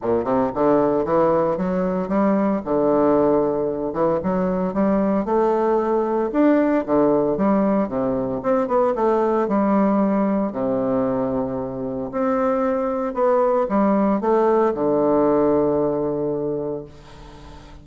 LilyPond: \new Staff \with { instrumentName = "bassoon" } { \time 4/4 \tempo 4 = 114 ais,8 c8 d4 e4 fis4 | g4 d2~ d8 e8 | fis4 g4 a2 | d'4 d4 g4 c4 |
c'8 b8 a4 g2 | c2. c'4~ | c'4 b4 g4 a4 | d1 | }